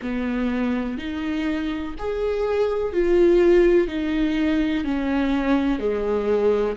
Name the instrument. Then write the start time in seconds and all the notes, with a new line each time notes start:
viola
0.02 B3
0.98 D#4
1.98 G#4
2.93 F4
3.87 D#4
4.84 C#4
5.78 G#3